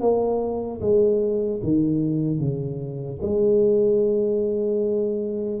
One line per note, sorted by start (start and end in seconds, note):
0.00 0.80 A#3
0.80 1.60 G#3
1.62 2.39 D#3
2.39 3.19 C#3
3.22 5.60 G#3